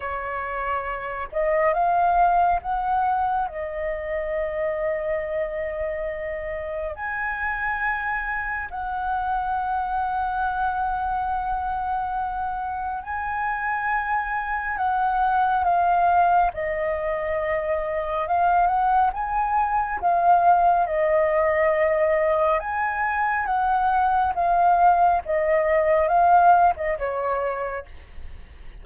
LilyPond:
\new Staff \with { instrumentName = "flute" } { \time 4/4 \tempo 4 = 69 cis''4. dis''8 f''4 fis''4 | dis''1 | gis''2 fis''2~ | fis''2. gis''4~ |
gis''4 fis''4 f''4 dis''4~ | dis''4 f''8 fis''8 gis''4 f''4 | dis''2 gis''4 fis''4 | f''4 dis''4 f''8. dis''16 cis''4 | }